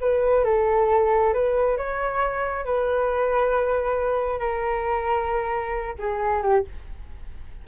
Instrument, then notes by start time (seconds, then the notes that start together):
flute
0.00 B4
0.44 A4
1.33 B4
1.77 C#5
2.65 B4
4.39 A#4
5.98 G#4
6.42 G4